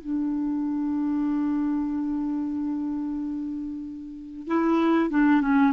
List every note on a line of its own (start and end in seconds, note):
0.00 4.47 D4
4.47 5.10 E4
5.10 5.41 D4
5.41 5.72 C#4